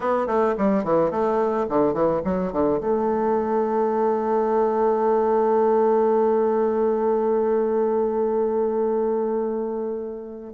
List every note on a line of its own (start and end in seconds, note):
0.00 0.27 B3
0.27 0.54 A3
0.57 0.84 G3
0.84 1.10 E3
1.10 1.66 A3
1.69 1.93 D3
1.93 2.21 E3
2.24 2.52 F#3
2.52 2.80 D3
2.80 10.53 A3